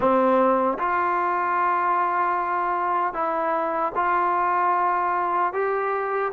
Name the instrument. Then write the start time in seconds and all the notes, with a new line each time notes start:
trombone
0.00 C4
0.78 F4
3.13 E4
3.95 F4
5.53 G4